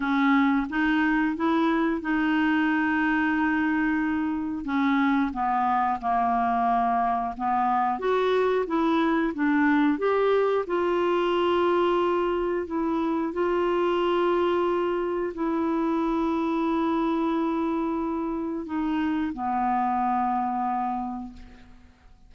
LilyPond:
\new Staff \with { instrumentName = "clarinet" } { \time 4/4 \tempo 4 = 90 cis'4 dis'4 e'4 dis'4~ | dis'2. cis'4 | b4 ais2 b4 | fis'4 e'4 d'4 g'4 |
f'2. e'4 | f'2. e'4~ | e'1 | dis'4 b2. | }